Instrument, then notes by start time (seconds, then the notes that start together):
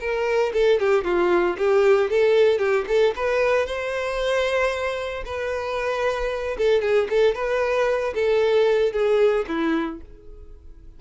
violin
0.00 A#4
0.54 A4
0.80 G4
1.04 F4
1.57 G4
2.10 A4
2.59 G4
2.88 A4
3.16 B4
3.66 C5
5.25 B4
6.57 A4
6.81 G#4
7.10 A4
7.35 B4
8.15 A4
8.93 G#4
9.48 E4